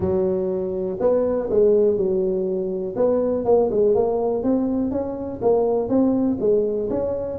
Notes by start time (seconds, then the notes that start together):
0.00 F#3
1.00 B3
1.50 G#3
1.97 F#3
2.96 B3
3.44 A#3
3.70 G#3
3.95 A#3
4.43 C4
4.91 C#4
5.41 A#3
5.88 C4
6.40 G#3
6.90 C#4